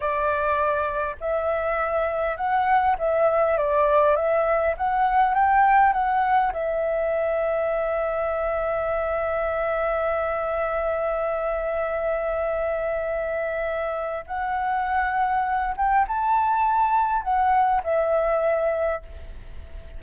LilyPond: \new Staff \with { instrumentName = "flute" } { \time 4/4 \tempo 4 = 101 d''2 e''2 | fis''4 e''4 d''4 e''4 | fis''4 g''4 fis''4 e''4~ | e''1~ |
e''1~ | e''1 | fis''2~ fis''8 g''8 a''4~ | a''4 fis''4 e''2 | }